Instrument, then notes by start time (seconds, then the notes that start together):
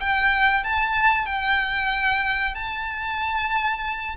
violin
0.00 G5
0.64 A5
1.26 G5
2.55 A5